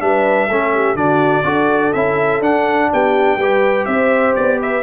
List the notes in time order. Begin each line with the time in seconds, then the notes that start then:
0.00 G3 D4 B4 E5
0.48 A3 C#4 A4
0.73 G4
0.95 D3 D4 F#4 D5
1.44 D4 F#4 A4
1.93 C#4 E4 E5
2.40 D4 F#5
2.93 B3 G4 G5
3.37 G3 G4 B4
3.85 C4 C5 E5
4.35 B3 D5
4.60 B4 E5